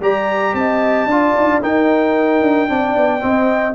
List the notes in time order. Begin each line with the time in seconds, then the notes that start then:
0.00 G3 G4 D5 A#5
0.54 C4 D#5 A5
1.06 D4 F4 D5
1.37 D#4
1.47 D4
1.62 D#4 A#4 G5
2.42 D4
2.69 C4 D4 D5
2.95 B3
3.21 C4 D#5